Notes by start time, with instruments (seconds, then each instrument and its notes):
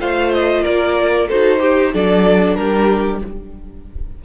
0.00 cello A3, viola F4, violin C5 F5
0.34 violin D#5
0.63 cello A#3, violin A#4 D5
1.28 cello D#4, viola F#4, violin A4 C5
1.60 viola G4, violin G4
1.93 cello F#3, viola D4, violin A4 D5
2.55 cello G3, violin G4 A#4